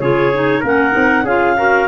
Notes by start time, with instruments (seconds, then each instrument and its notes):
0.00 tuba C#3, clarinet F4 C#5, trumpet G#4
0.34 clarinet D#4
0.61 tuba A#3, clarinet C#4, trumpet A#4
0.67 clarinet F#5
0.92 tuba C4, clarinet D#4
1.24 tuba C#4, clarinet F4 F5, trumpet G#4
1.57 clarinet F#4, trumpet A#4